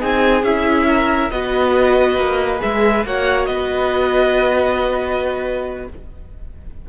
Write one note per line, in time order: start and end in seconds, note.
0.00 0.43 C4
0.00 0.43 D#4
0.00 0.88 G#4
0.00 0.44 G#5
0.43 1.30 C#4
0.43 1.32 E4
0.43 1.31 E5
0.88 1.31 A#4
1.31 2.17 B3
1.31 2.58 F#4
1.31 3.07 B4
1.31 2.61 D#5
2.17 2.61 A#3
2.58 3.01 G#4
2.58 3.06 E5
2.64 3.06 G#3
3.06 3.48 A#3
3.06 5.89 F#4
3.06 3.50 C#5
3.06 3.46 F#5
3.46 5.87 B3
3.46 5.89 B4
3.46 5.85 D#5